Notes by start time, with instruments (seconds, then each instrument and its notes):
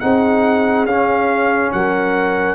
0.00 tuba C4, trombone D#4, horn G#4, trumpet F#5
0.86 tuba C#4, trombone C#4, trumpet F5
1.72 tuba F#3, horn A#4, trumpet F#5